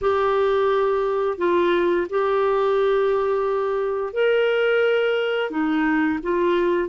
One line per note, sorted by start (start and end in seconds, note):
0.01 1.38 G4
1.38 2.07 F4
2.09 4.13 G4
4.13 5.50 A#4
5.50 6.19 D#4
6.23 6.88 F4